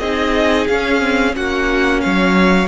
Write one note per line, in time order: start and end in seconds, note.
0.00 0.68 C4
0.00 0.70 D#4
0.00 1.36 G#4
0.00 0.67 D#5
0.68 1.36 C#4
0.68 1.01 C#4
0.68 1.35 F5
1.01 1.32 C4
1.32 2.05 A#3
1.32 2.67 C#4
1.32 2.03 F#4
1.32 2.01 F#5
2.01 2.69 F#3
2.01 2.69 C#5
2.01 2.68 F5